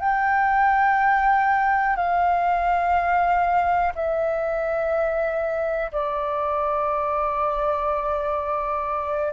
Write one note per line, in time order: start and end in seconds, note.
0.00 1.96 G5
1.96 3.93 F5
3.94 5.91 E5
5.92 9.32 D5